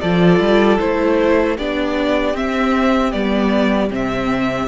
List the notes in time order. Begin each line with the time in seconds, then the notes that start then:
0.00 F3 F4 A4 D5
0.39 G3
0.79 A3 E4 C5
1.56 B3 D4 G4 D5
2.34 C4 E5
3.12 G3 B3 D5
3.90 C3 C4 E5